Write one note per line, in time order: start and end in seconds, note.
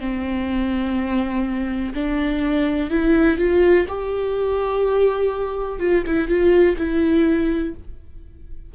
0.00 1.94 C4
1.94 2.90 D4
2.90 3.38 E4
3.38 3.86 F4
3.88 5.79 G4
5.79 6.04 F4
6.07 6.28 E4
6.28 6.77 F4
6.77 7.74 E4